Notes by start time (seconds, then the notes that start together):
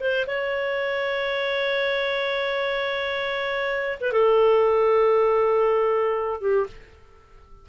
0.00 C5
0.27 C#5
4.00 B4
4.12 A4
6.41 G4